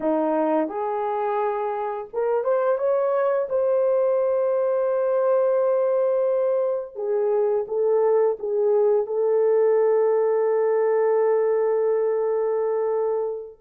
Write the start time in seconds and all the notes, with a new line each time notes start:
0.00 D#4
0.68 G#4
2.13 A#4
2.44 C5
2.77 C#5
3.49 C5
6.95 G#4
7.67 A4
8.39 G#4
9.06 A4